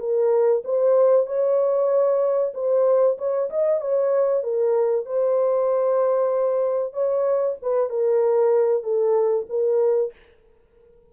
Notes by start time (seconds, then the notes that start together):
0.00 A#4
0.64 C5
1.27 C#5
2.54 C5
3.18 C#5
3.50 D#5
3.81 C#5
4.43 A#4
5.06 C5
6.94 C#5
7.62 B4
7.90 A#4
8.83 A4
9.49 A#4